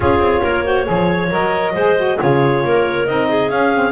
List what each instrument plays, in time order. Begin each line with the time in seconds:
0.00 double bass C#4, saxophone F4, clarinet G#4 C#5
0.19 double bass C4
0.42 double bass A#3, clarinet A#4
0.64 saxophone F#4, clarinet C5
0.84 double bass F3, saxophone G#4
0.91 clarinet C#5
1.30 double bass F#3, saxophone A#4, clarinet D#5
1.73 double bass G#3, saxophone G#4, clarinet C5
1.96 saxophone F#4
2.17 double bass C#3, saxophone F4, clarinet G#4 C#5
2.64 double bass A#3, clarinet A#4
3.06 double bass C4, saxophone D#4, clarinet D#5
3.28 clarinet G#4
3.49 saxophone C#4, double bass C#4, clarinet F5
3.74 saxophone C4